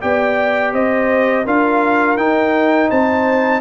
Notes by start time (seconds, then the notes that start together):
0.00 B3 G4 D5 G5
0.73 C4 C5 D#5
1.44 D4 F4 A#4 F5
2.16 D#4 G5
2.89 C4 C5 A5